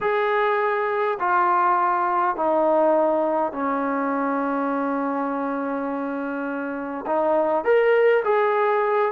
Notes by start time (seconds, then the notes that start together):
0.00 G#4
1.19 F4
2.35 D#4
3.52 C#4
7.06 D#4
7.64 A#4
8.24 G#4